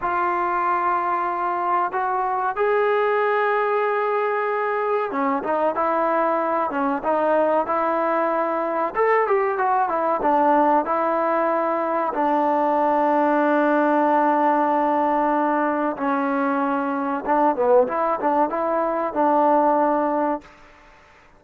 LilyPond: \new Staff \with { instrumentName = "trombone" } { \time 4/4 \tempo 4 = 94 f'2. fis'4 | gis'1 | cis'8 dis'8 e'4. cis'8 dis'4 | e'2 a'8 g'8 fis'8 e'8 |
d'4 e'2 d'4~ | d'1~ | d'4 cis'2 d'8 b8 | e'8 d'8 e'4 d'2 | }